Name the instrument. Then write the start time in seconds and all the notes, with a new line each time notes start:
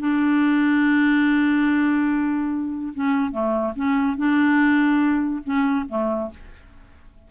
clarinet
0.00 D4
2.94 C#4
3.32 A3
3.76 C#4
4.17 D4
5.44 C#4
5.89 A3